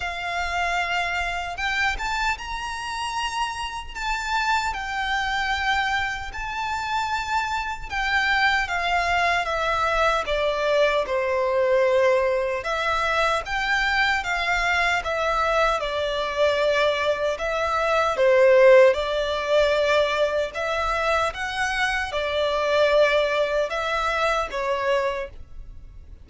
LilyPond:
\new Staff \with { instrumentName = "violin" } { \time 4/4 \tempo 4 = 76 f''2 g''8 a''8 ais''4~ | ais''4 a''4 g''2 | a''2 g''4 f''4 | e''4 d''4 c''2 |
e''4 g''4 f''4 e''4 | d''2 e''4 c''4 | d''2 e''4 fis''4 | d''2 e''4 cis''4 | }